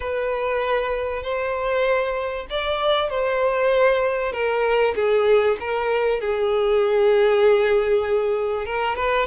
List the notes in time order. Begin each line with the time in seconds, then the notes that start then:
0.00 B4
1.22 C5
2.50 D5
3.09 C5
4.32 A#4
4.95 G#4
5.60 A#4
6.20 G#4
8.65 A#4
8.95 B4